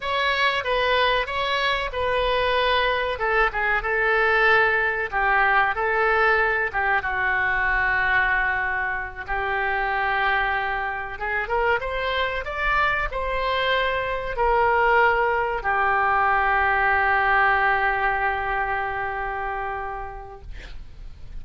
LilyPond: \new Staff \with { instrumentName = "oboe" } { \time 4/4 \tempo 4 = 94 cis''4 b'4 cis''4 b'4~ | b'4 a'8 gis'8 a'2 | g'4 a'4. g'8 fis'4~ | fis'2~ fis'8 g'4.~ |
g'4. gis'8 ais'8 c''4 d''8~ | d''8 c''2 ais'4.~ | ais'8 g'2.~ g'8~ | g'1 | }